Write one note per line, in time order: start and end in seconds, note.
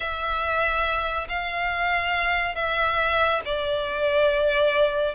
0.00 1.27 E5
1.28 2.55 F5
2.55 3.41 E5
3.45 5.14 D5